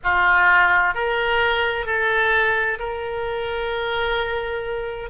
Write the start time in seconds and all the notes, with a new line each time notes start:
0.03 F4
0.94 A#4
1.86 A4
2.79 A#4